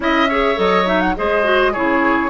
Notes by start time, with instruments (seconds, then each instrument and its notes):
0.00 bassoon C#4, clarinet E4, oboe D#5, flute E5
0.29 clarinet G#4, oboe C#5
0.55 bassoon F#3, clarinet A4, flute D#5
0.85 clarinet D#4, flute E5
1.00 flute F#5
1.15 bassoon G#3, clarinet G#4, oboe C5, flute D#5
1.43 clarinet F#4
1.72 bassoon C#3, clarinet E4, oboe G#4, flute C#5